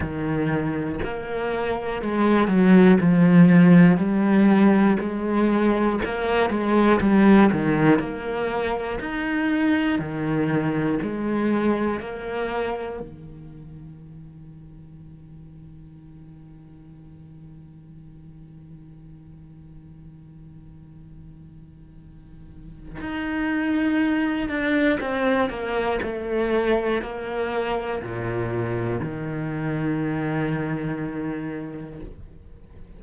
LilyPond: \new Staff \with { instrumentName = "cello" } { \time 4/4 \tempo 4 = 60 dis4 ais4 gis8 fis8 f4 | g4 gis4 ais8 gis8 g8 dis8 | ais4 dis'4 dis4 gis4 | ais4 dis2.~ |
dis1~ | dis2. dis'4~ | dis'8 d'8 c'8 ais8 a4 ais4 | ais,4 dis2. | }